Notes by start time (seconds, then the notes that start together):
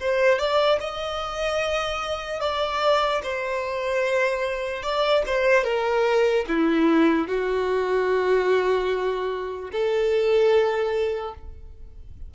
0.00 C5
0.39 D5
0.80 D#5
2.40 D5
3.23 C5
4.83 D5
5.26 C5
5.64 A#4
6.48 E4
7.28 F#4
9.72 A4